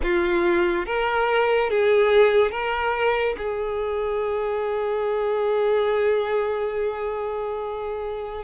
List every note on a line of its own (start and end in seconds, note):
0.02 0.86 F4
0.86 1.69 A#4
1.69 2.51 G#4
2.51 3.35 A#4
3.37 8.44 G#4